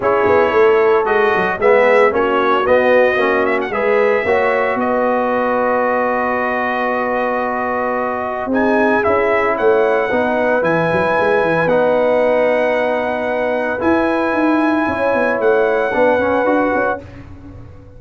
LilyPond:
<<
  \new Staff \with { instrumentName = "trumpet" } { \time 4/4 \tempo 4 = 113 cis''2 dis''4 e''4 | cis''4 dis''4. e''16 fis''16 e''4~ | e''4 dis''2.~ | dis''1 |
gis''4 e''4 fis''2 | gis''2 fis''2~ | fis''2 gis''2~ | gis''4 fis''2. | }
  \new Staff \with { instrumentName = "horn" } { \time 4/4 gis'4 a'2 gis'4 | fis'2. b'4 | cis''4 b'2.~ | b'1 |
gis'2 cis''4 b'4~ | b'1~ | b'1 | cis''2 b'2 | }
  \new Staff \with { instrumentName = "trombone" } { \time 4/4 e'2 fis'4 b4 | cis'4 b4 cis'4 gis'4 | fis'1~ | fis'1 |
dis'4 e'2 dis'4 | e'2 dis'2~ | dis'2 e'2~ | e'2 d'8 cis'8 fis'4 | }
  \new Staff \with { instrumentName = "tuba" } { \time 4/4 cis'8 b8 a4 gis8 fis8 gis4 | ais4 b4 ais4 gis4 | ais4 b2.~ | b1 |
c'4 cis'4 a4 b4 | e8 fis8 gis8 e8 b2~ | b2 e'4 dis'4 | cis'8 b8 a4 b8 cis'8 d'8 cis'8 | }
>>